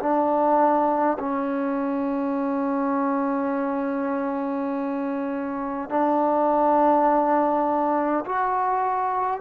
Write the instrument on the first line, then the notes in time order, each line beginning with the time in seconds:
trombone
0.00 D4
1.19 C#4
5.89 D4
8.26 F#4